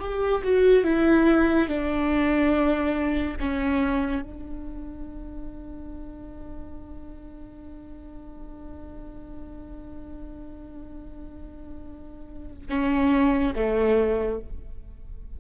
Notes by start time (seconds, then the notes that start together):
0.00 G4
0.43 F#4
0.84 E4
1.68 D4
3.40 C#4
4.22 D4
12.70 C#4
13.56 A3